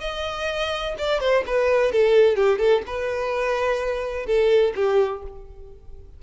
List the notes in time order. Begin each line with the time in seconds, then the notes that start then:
0.00 D#5
0.98 D5
1.20 C5
1.46 B4
1.92 A4
2.36 G4
2.58 A4
2.86 B4
4.26 A4
4.75 G4